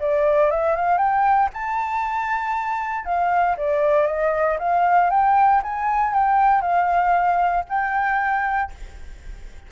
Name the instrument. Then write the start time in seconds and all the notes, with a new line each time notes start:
flute
0.00 D5
0.51 E5
0.76 F5
0.98 G5
1.54 A5
3.05 F5
3.57 D5
4.07 D#5
4.59 F5
5.10 G5
5.63 G#5
6.14 G5
6.62 F5
7.69 G5